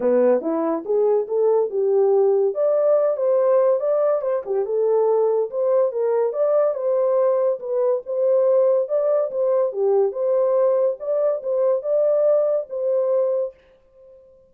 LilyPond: \new Staff \with { instrumentName = "horn" } { \time 4/4 \tempo 4 = 142 b4 e'4 gis'4 a'4 | g'2 d''4. c''8~ | c''4 d''4 c''8 g'8 a'4~ | a'4 c''4 ais'4 d''4 |
c''2 b'4 c''4~ | c''4 d''4 c''4 g'4 | c''2 d''4 c''4 | d''2 c''2 | }